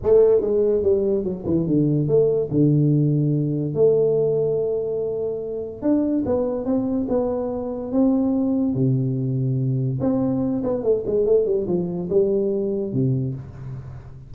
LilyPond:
\new Staff \with { instrumentName = "tuba" } { \time 4/4 \tempo 4 = 144 a4 gis4 g4 fis8 e8 | d4 a4 d2~ | d4 a2.~ | a2 d'4 b4 |
c'4 b2 c'4~ | c'4 c2. | c'4. b8 a8 gis8 a8 g8 | f4 g2 c4 | }